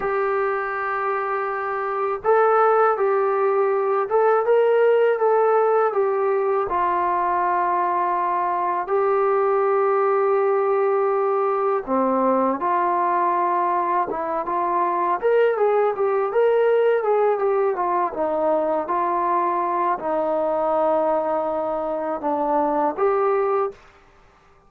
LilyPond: \new Staff \with { instrumentName = "trombone" } { \time 4/4 \tempo 4 = 81 g'2. a'4 | g'4. a'8 ais'4 a'4 | g'4 f'2. | g'1 |
c'4 f'2 e'8 f'8~ | f'8 ais'8 gis'8 g'8 ais'4 gis'8 g'8 | f'8 dis'4 f'4. dis'4~ | dis'2 d'4 g'4 | }